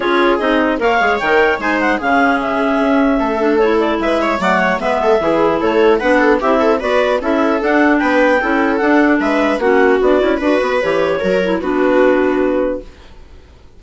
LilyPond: <<
  \new Staff \with { instrumentName = "clarinet" } { \time 4/4 \tempo 4 = 150 cis''4 dis''4 f''4 g''4 | gis''8 fis''8 f''4 e''2~ | e''4 cis''8 d''8 e''4 fis''4 | e''2 cis''4 fis''4 |
e''4 d''4 e''4 fis''4 | g''2 fis''4 e''4 | fis''4 d''4 b'4 cis''4~ | cis''4 b'2. | }
  \new Staff \with { instrumentName = "viola" } { \time 4/4 gis'2 cis''2 | c''4 gis'2. | a'2 b'8 cis''8 d''8 cis''8 | b'8 a'8 gis'4 a'4 b'8 a'8 |
g'8 a'8 b'4 a'2 | b'4 a'2 b'4 | fis'2 b'2 | ais'4 fis'2. | }
  \new Staff \with { instrumentName = "clarinet" } { \time 4/4 f'4 dis'4 ais'8 gis'8 ais'4 | dis'4 cis'2.~ | cis'8 d'8 e'2 a4 | b4 e'2 d'4 |
e'4 fis'4 e'4 d'4~ | d'4 e'4 d'2 | cis'4 d'8 e'8 fis'4 g'4 | fis'8 e'8 d'2. | }
  \new Staff \with { instrumentName = "bassoon" } { \time 4/4 cis'4 c'4 ais8 gis8 dis4 | gis4 cis2 cis'4 | a2 gis4 fis4 | gis4 e4 a4 b4 |
c'4 b4 cis'4 d'4 | b4 cis'4 d'4 gis4 | ais4 b8 cis'8 d'8 b8 e4 | fis4 b2. | }
>>